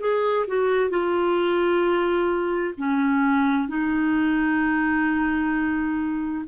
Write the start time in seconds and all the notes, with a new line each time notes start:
0.00 G#4
0.48 F#4
0.90 F4
2.78 C#4
3.68 D#4